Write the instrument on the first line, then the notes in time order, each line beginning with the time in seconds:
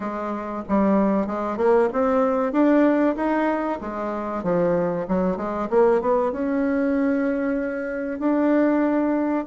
bassoon
0.00 G#3
0.68 G3
1.26 G#3
1.57 A#3
1.92 C4
2.52 D4
3.16 D#4
3.81 G#3
4.43 F3
5.08 F#3
5.37 G#3
5.70 A#3
6.01 B3
6.32 C#4
8.19 D4